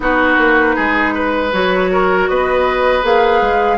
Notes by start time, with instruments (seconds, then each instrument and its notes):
0.00 bassoon B3, clarinet D#4, oboe F#4, flute B4
0.37 bassoon A#3
0.75 bassoon G#3, oboe G#4
1.14 oboe B4
1.52 bassoon F#3, clarinet F#4, flute C#5
1.91 oboe A#4
2.28 bassoon B3, oboe B4, flute D#5
3.02 bassoon A#3, clarinet G#4, flute F5
3.41 bassoon G#3